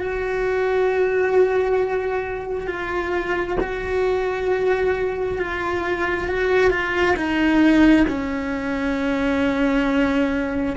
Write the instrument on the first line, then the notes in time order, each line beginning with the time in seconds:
cello
0.00 F#4
2.67 F4
3.60 F#4
5.38 F4
6.28 F#4
6.70 F4
7.16 D#4
8.07 C#4